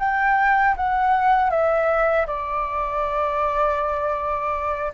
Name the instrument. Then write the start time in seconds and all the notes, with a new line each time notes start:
flute
0.00 G5
0.77 F#5
1.51 E5
2.27 D5